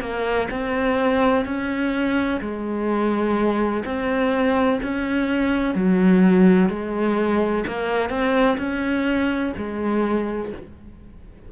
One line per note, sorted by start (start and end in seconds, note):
0.00 0.48 A#3
0.50 1.45 C4
1.45 2.40 C#4
2.41 3.84 G#3
3.85 4.80 C4
4.83 5.74 C#4
5.74 6.69 F#3
6.69 7.64 G#3
7.67 8.09 A#3
8.09 8.57 C4
8.58 9.53 C#4
9.57 10.52 G#3